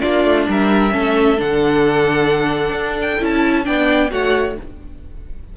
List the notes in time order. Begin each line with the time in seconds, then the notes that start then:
0.00 A#3 D4 F4 D5
0.24 A3
0.48 G3 A#4 E5
0.90 A3 C#4 A4
1.37 D3 D4 F#5
2.71 D4
3.01 G5
3.20 C#4 E4 A5
3.64 B3 D4 D5 G5
4.10 A3 F#4 C#5 F#5